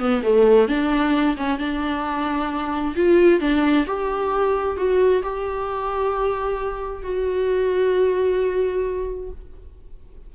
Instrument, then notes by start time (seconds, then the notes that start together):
viola
0.00 B3
0.23 A3
0.69 D4
1.37 C#4
1.59 D4
2.96 F4
3.41 D4
3.87 G4
4.78 F#4
5.24 G4
7.04 F#4